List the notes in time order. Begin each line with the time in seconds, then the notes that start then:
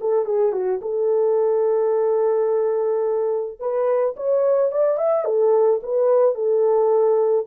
0.00 A4
0.25 G#4
0.52 F#4
0.82 A4
3.60 B4
4.16 C#5
4.71 D5
4.97 E5
5.24 A4
5.83 B4
6.35 A4